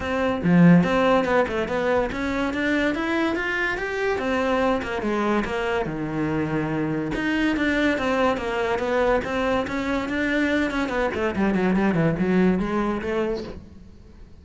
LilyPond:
\new Staff \with { instrumentName = "cello" } { \time 4/4 \tempo 4 = 143 c'4 f4 c'4 b8 a8 | b4 cis'4 d'4 e'4 | f'4 g'4 c'4. ais8 | gis4 ais4 dis2~ |
dis4 dis'4 d'4 c'4 | ais4 b4 c'4 cis'4 | d'4. cis'8 b8 a8 g8 fis8 | g8 e8 fis4 gis4 a4 | }